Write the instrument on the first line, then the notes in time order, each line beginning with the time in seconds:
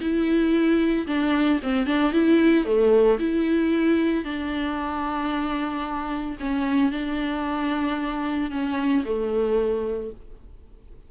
viola
0.00 E4
1.06 D4
1.62 C4
1.86 D4
2.12 E4
2.65 A3
3.19 E4
4.24 D4
6.40 C#4
6.91 D4
8.51 C#4
9.04 A3